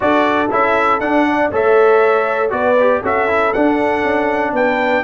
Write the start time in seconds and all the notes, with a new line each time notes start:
0.00 D4 F#4 A4 D5
0.50 C#4 E4 E5
1.00 D4 F#5
1.29 D5
1.51 A3 A4 C#5 E5
2.49 B3 F#4 B4 D5
2.80 G4
3.00 C#4 F#4 A4 E5
3.28 E4
3.53 D4 F#5
4.03 C#4
4.52 B3 B4 G5